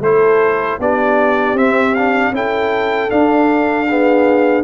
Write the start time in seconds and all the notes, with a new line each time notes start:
0.00 A3 E4 A4 C5
0.79 B3 D4 G4 D5
1.53 C4 E5
1.95 D4 F5
2.32 C#4 E4 A4 G5
3.09 D4 F5
3.87 B3 G#4